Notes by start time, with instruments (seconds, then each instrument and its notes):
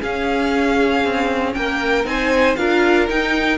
0.00 viola C#4, cello C#4, violin G#4 F5
1.04 cello C4
1.54 cello A#3, violin A#4 G5
2.05 cello C4, viola D#4, violin C5 G#5
2.56 cello D4, viola F4, violin A#4 F5
3.08 viola D#4, cello D#4, violin G5